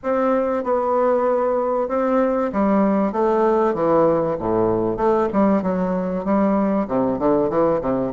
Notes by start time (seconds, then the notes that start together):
0.03 C4
0.63 B3
1.88 C4
2.52 G3
3.12 A3
3.73 E3
4.39 A2
4.96 A3
5.33 G3
5.62 F#3
6.24 G3
6.88 C3
7.18 D3
7.49 E3
7.81 C3